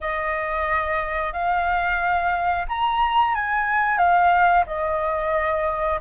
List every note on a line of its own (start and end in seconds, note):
0.00 1.32 D#5
1.32 2.65 F5
2.68 3.35 A#5
3.35 3.98 G#5
3.98 4.64 F5
4.66 5.99 D#5